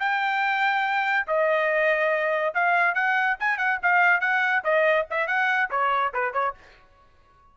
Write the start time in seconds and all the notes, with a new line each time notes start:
0.00 G5
1.28 D#5
2.55 F5
2.95 F#5
3.40 G#5
3.58 F#5
3.83 F5
4.21 F#5
4.64 D#5
5.11 E5
5.28 F#5
5.71 C#5
6.14 B4
6.34 C#5